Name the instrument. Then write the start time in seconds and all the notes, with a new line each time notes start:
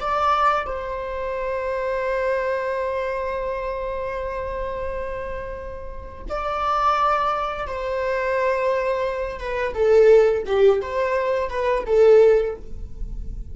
viola
0.00 D5
0.66 C5
6.29 D5
7.67 C5
9.38 B4
9.74 A4
10.46 G4
10.81 C5
11.49 B4
11.86 A4